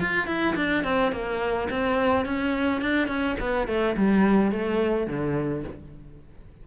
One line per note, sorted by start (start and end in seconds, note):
0.00 0.27 F4
0.27 0.55 E4
0.56 0.84 D4
0.84 1.12 C4
1.12 1.69 A#3
1.70 2.25 C4
2.25 2.81 C#4
2.81 3.08 D4
3.08 3.36 C#4
3.40 3.67 B3
3.67 3.95 A3
3.96 4.51 G3
4.51 5.07 A3
5.07 5.63 D3